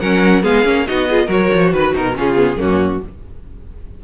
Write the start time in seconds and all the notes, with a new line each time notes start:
0.00 F#3 C#4 A#4 F#5
0.43 G#3 B3 G#4 F5
0.64 A#3 C#4
0.87 B3 D#4 F#4 D#5
1.09 F4 G#4
1.26 F#3 F#4 A#4 C#5
1.54 F3
1.73 D#3 B4
1.93 B2 D#4 A#4
2.14 C#3 C#4 F4 G#4
2.35 B3
2.57 F#2 A#3 C#4 F#4